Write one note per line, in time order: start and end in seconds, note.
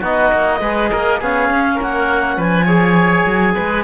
0.00 0.32 B3
0.00 0.61 D#4
0.00 0.59 F#4
0.00 1.21 D#5
0.32 0.61 A#3
0.61 0.90 G#3
0.61 1.21 G#4
0.61 0.90 B4
0.91 1.21 A#3
0.91 1.19 A#4
1.19 1.50 B3
1.19 2.68 C#4
1.19 1.75 G#4
1.19 1.81 F5
1.50 1.79 C#4
1.75 2.37 A#3
1.75 2.34 A#4
1.82 2.40 F#5
2.36 3.25 F3
2.36 2.65 B4
2.36 3.84 G#5
2.65 3.84 G#4
2.65 3.53 C#5
3.26 3.55 F#3
3.55 3.84 G#3
3.55 3.84 B4